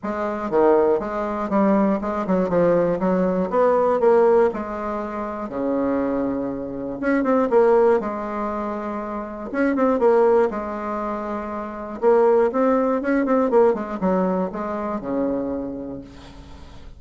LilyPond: \new Staff \with { instrumentName = "bassoon" } { \time 4/4 \tempo 4 = 120 gis4 dis4 gis4 g4 | gis8 fis8 f4 fis4 b4 | ais4 gis2 cis4~ | cis2 cis'8 c'8 ais4 |
gis2. cis'8 c'8 | ais4 gis2. | ais4 c'4 cis'8 c'8 ais8 gis8 | fis4 gis4 cis2 | }